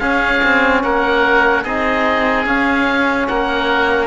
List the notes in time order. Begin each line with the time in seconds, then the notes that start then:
0.00 C#4 G#4 F5
0.44 C4
0.83 A#3 A#4 F#5
1.64 C4 D#4 G#4 D#5
2.46 C#4 F5
3.28 A#3 A#4 F#5